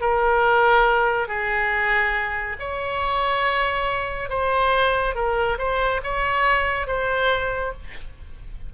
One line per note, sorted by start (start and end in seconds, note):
0.00 1.27 A#4
1.27 2.56 G#4
2.59 4.29 C#5
4.29 5.15 C5
5.15 5.58 A#4
5.58 6.01 C5
6.03 6.86 C#5
6.86 7.72 C5